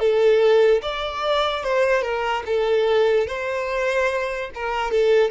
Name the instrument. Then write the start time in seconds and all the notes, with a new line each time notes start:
violin
0.00 A4
0.83 D5
1.64 C5
2.02 A#4
2.47 A4
3.27 C5
4.55 A#4
4.91 A4